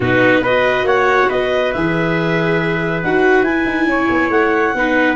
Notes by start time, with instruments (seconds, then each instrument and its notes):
0.00 tuba B2, viola D#4, trumpet F#4, clarinet B4
0.40 tuba B3, viola F#4, trumpet B4, clarinet D#5
0.84 tuba A#3, trumpet C#5, clarinet F#5
1.29 tuba B3, trumpet B4, clarinet D#5
1.72 tuba E3, viola G#4, clarinet E5
3.02 tuba D#4, viola F#4, clarinet F#5
3.42 tuba E4, viola E4, clarinet G#5
3.65 tuba D#4
3.86 tuba C#4, trumpet C#5
4.09 tuba B3
4.29 tuba A3, clarinet F#5
4.74 tuba B3, viola D#4, trumpet B4